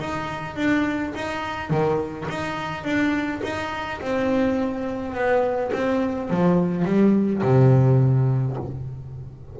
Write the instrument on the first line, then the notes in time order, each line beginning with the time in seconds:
double bass
0.00 D#4
0.56 D4
1.15 D#4
1.70 D#3
2.29 D#4
2.84 D4
3.43 D#4
4.01 C4
5.14 B3
5.73 C4
6.30 F3
6.85 G3
7.43 C3